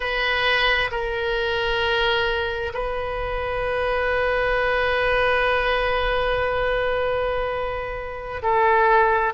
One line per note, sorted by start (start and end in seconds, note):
0.00 0.90 B4
0.91 2.73 A#4
2.73 8.41 B4
8.42 9.33 A4